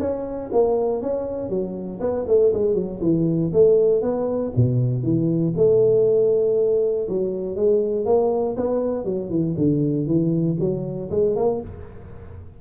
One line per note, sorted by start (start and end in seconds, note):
0.00 0.50 C#4
0.52 1.02 A#3
1.02 1.49 C#4
1.49 2.00 F#3
2.00 2.26 B3
2.28 2.53 A3
2.54 2.75 G#3
2.75 3.00 F#3
3.01 3.51 E3
3.53 4.02 A3
4.02 4.52 B3
4.56 5.03 B2
5.03 5.53 E3
5.57 7.08 A3
7.09 7.56 F#3
7.56 8.06 G#3
8.06 8.56 A#3
8.57 9.05 B3
9.05 9.30 F#3
9.30 9.55 E3
9.57 10.07 D3
10.07 10.57 E3
10.60 11.10 F#3
11.11 11.36 G#3
11.36 11.61 A#3